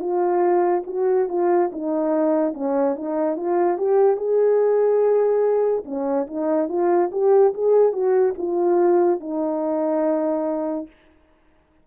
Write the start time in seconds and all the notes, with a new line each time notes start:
0.00 F4
0.87 F#4
1.29 F4
1.72 D#4
2.54 C#4
2.96 D#4
3.37 F4
3.78 G4
4.17 G#4
5.85 C#4
6.27 D#4
6.69 F4
7.12 G4
7.54 G#4
7.93 F#4
8.38 F4
9.20 D#4